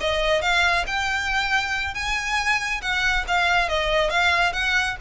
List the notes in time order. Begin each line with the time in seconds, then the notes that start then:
0.00 D#5
0.41 F5
0.86 G5
1.94 G#5
2.81 F#5
3.27 F5
3.68 D#5
4.09 F5
4.52 F#5